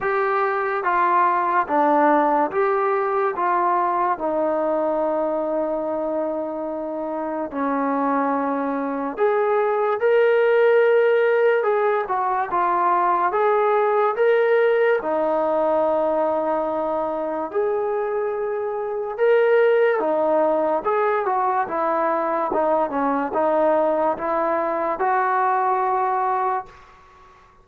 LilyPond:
\new Staff \with { instrumentName = "trombone" } { \time 4/4 \tempo 4 = 72 g'4 f'4 d'4 g'4 | f'4 dis'2.~ | dis'4 cis'2 gis'4 | ais'2 gis'8 fis'8 f'4 |
gis'4 ais'4 dis'2~ | dis'4 gis'2 ais'4 | dis'4 gis'8 fis'8 e'4 dis'8 cis'8 | dis'4 e'4 fis'2 | }